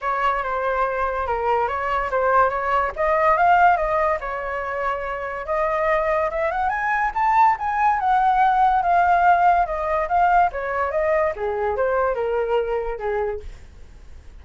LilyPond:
\new Staff \with { instrumentName = "flute" } { \time 4/4 \tempo 4 = 143 cis''4 c''2 ais'4 | cis''4 c''4 cis''4 dis''4 | f''4 dis''4 cis''2~ | cis''4 dis''2 e''8 fis''8 |
gis''4 a''4 gis''4 fis''4~ | fis''4 f''2 dis''4 | f''4 cis''4 dis''4 gis'4 | c''4 ais'2 gis'4 | }